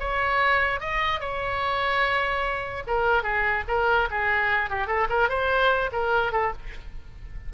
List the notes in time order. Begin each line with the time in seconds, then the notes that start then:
0.00 C#5
0.81 D#5
1.21 C#5
2.88 A#4
3.23 G#4
3.68 A#4
4.11 G#4
4.70 G4
4.88 A4
5.10 A#4
5.29 C5
5.93 A#4
6.33 A4